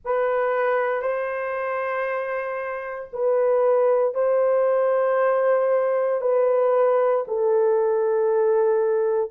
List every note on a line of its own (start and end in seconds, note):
0.05 1.02 B4
1.02 3.08 C5
3.12 4.14 B4
4.14 6.21 C5
6.21 7.24 B4
7.27 9.31 A4